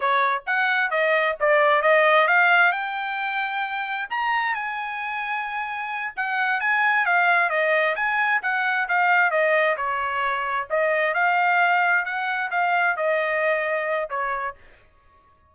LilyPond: \new Staff \with { instrumentName = "trumpet" } { \time 4/4 \tempo 4 = 132 cis''4 fis''4 dis''4 d''4 | dis''4 f''4 g''2~ | g''4 ais''4 gis''2~ | gis''4. fis''4 gis''4 f''8~ |
f''8 dis''4 gis''4 fis''4 f''8~ | f''8 dis''4 cis''2 dis''8~ | dis''8 f''2 fis''4 f''8~ | f''8 dis''2~ dis''8 cis''4 | }